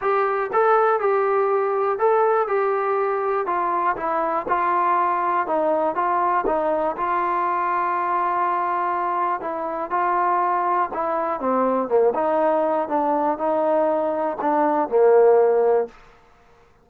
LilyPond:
\new Staff \with { instrumentName = "trombone" } { \time 4/4 \tempo 4 = 121 g'4 a'4 g'2 | a'4 g'2 f'4 | e'4 f'2 dis'4 | f'4 dis'4 f'2~ |
f'2. e'4 | f'2 e'4 c'4 | ais8 dis'4. d'4 dis'4~ | dis'4 d'4 ais2 | }